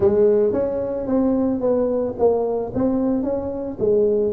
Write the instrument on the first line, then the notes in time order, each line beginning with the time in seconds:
tuba
0.00 G#3
0.52 C#4
1.06 C4
1.60 B3
2.18 A#3
2.74 C4
3.23 C#4
3.79 G#3